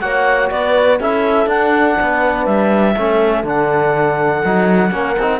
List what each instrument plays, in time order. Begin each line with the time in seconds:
0.00 cello A#3, trombone F#4, horn C#5, clarinet F#5
0.50 cello B3, horn B4, clarinet D5
0.99 cello C#4, trombone E4, horn A4, clarinet E5
1.46 cello D4, trombone D4, clarinet F#5
1.97 cello B3, horn B4
2.45 cello G3, clarinet E5
2.97 cello A3, trombone C#4, horn A4
3.43 cello D3, trombone D4, clarinet F#5
4.45 cello F#3, trombone D#4
4.91 cello A#3, trombone C#4, horn A#4
5.18 cello C4, trombone D#4